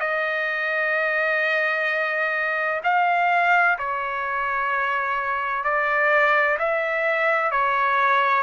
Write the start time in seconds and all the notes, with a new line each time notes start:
0.00 D#5
2.83 F5
3.78 C#5
5.64 D5
6.58 E5
7.51 C#5